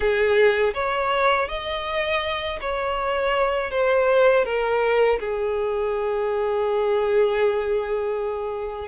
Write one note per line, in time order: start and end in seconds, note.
0.00 0.73 G#4
0.74 1.48 C#5
1.48 2.59 D#5
2.61 3.70 C#5
3.70 4.44 C5
4.44 5.19 A#4
5.19 8.88 G#4